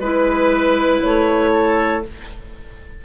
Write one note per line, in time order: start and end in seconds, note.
0.00 1.00 G#3
0.00 2.03 E4
0.00 1.51 B4
0.00 1.02 B4
1.03 2.05 A3
1.03 2.03 C#5
1.54 2.04 A4